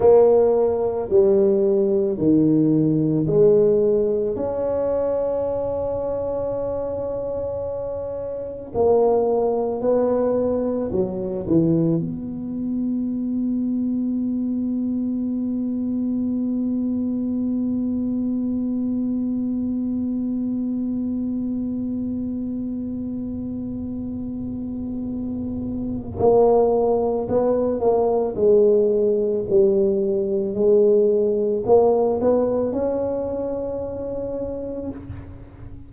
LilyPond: \new Staff \with { instrumentName = "tuba" } { \time 4/4 \tempo 4 = 55 ais4 g4 dis4 gis4 | cis'1 | ais4 b4 fis8 e8 b4~ | b1~ |
b1~ | b1 | ais4 b8 ais8 gis4 g4 | gis4 ais8 b8 cis'2 | }